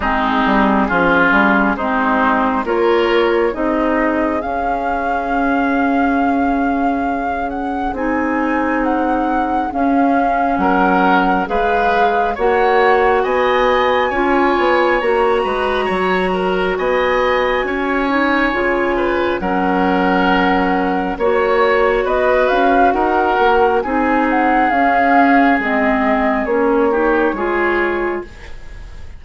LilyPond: <<
  \new Staff \with { instrumentName = "flute" } { \time 4/4 \tempo 4 = 68 gis'2 c''4 cis''4 | dis''4 f''2.~ | f''8 fis''8 gis''4 fis''4 f''4 | fis''4 f''4 fis''4 gis''4~ |
gis''4 ais''2 gis''4~ | gis''2 fis''2 | cis''4 dis''8 f''8 fis''4 gis''8 fis''8 | f''4 dis''4 cis''2 | }
  \new Staff \with { instrumentName = "oboe" } { \time 4/4 dis'4 f'4 dis'4 ais'4 | gis'1~ | gis'1 | ais'4 b'4 cis''4 dis''4 |
cis''4. b'8 cis''8 ais'8 dis''4 | cis''4. b'8 ais'2 | cis''4 b'4 ais'4 gis'4~ | gis'2~ gis'8 g'8 gis'4 | }
  \new Staff \with { instrumentName = "clarinet" } { \time 4/4 c'4 cis'4 c'4 f'4 | dis'4 cis'2.~ | cis'4 dis'2 cis'4~ | cis'4 gis'4 fis'2 |
f'4 fis'2.~ | fis'8 dis'8 f'4 cis'2 | fis'2. dis'4 | cis'4 c'4 cis'8 dis'8 f'4 | }
  \new Staff \with { instrumentName = "bassoon" } { \time 4/4 gis8 g8 f8 g8 gis4 ais4 | c'4 cis'2.~ | cis'4 c'2 cis'4 | fis4 gis4 ais4 b4 |
cis'8 b8 ais8 gis8 fis4 b4 | cis'4 cis4 fis2 | ais4 b8 cis'8 dis'8 ais8 c'4 | cis'4 gis4 ais4 gis4 | }
>>